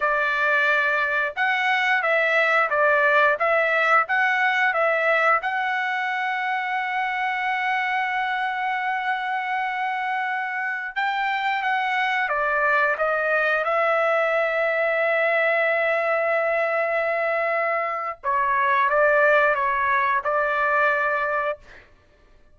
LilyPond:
\new Staff \with { instrumentName = "trumpet" } { \time 4/4 \tempo 4 = 89 d''2 fis''4 e''4 | d''4 e''4 fis''4 e''4 | fis''1~ | fis''1~ |
fis''16 g''4 fis''4 d''4 dis''8.~ | dis''16 e''2.~ e''8.~ | e''2. cis''4 | d''4 cis''4 d''2 | }